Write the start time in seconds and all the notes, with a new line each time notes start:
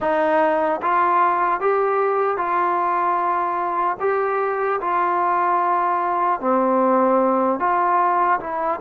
0.00 D#4
0.81 F4
1.60 G4
2.37 F4
4.00 G4
4.80 F4
6.40 C4
7.59 F4
8.40 E4